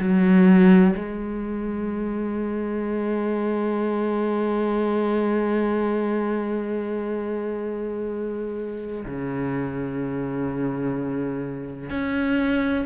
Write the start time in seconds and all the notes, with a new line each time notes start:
0.00 F#3
0.96 G#3
9.06 C#3
11.90 C#4